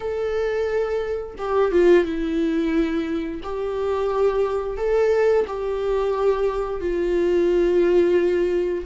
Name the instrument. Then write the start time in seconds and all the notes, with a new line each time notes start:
viola
0.00 A4
1.38 G4
1.71 F4
2.05 E4
3.43 G4
4.77 A4
5.47 G4
6.80 F4